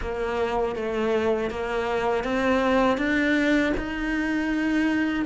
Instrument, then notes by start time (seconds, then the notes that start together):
cello
0.01 A#3
0.75 A3
1.50 A#3
2.23 C4
2.97 D4
3.77 D#4